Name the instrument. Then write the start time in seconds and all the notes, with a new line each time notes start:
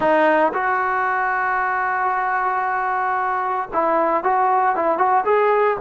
trombone
0.00 D#4
0.53 F#4
3.73 E4
4.23 F#4
4.75 E4
4.97 F#4
5.24 G#4